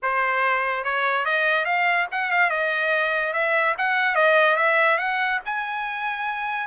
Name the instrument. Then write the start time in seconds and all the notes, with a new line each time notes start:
trumpet
0.02 C5
0.84 C#5
1.25 D#5
1.65 F5
2.11 F#5
2.31 F5
2.50 D#5
3.33 E5
3.77 F#5
4.15 D#5
4.56 E5
4.98 F#5
5.45 G#5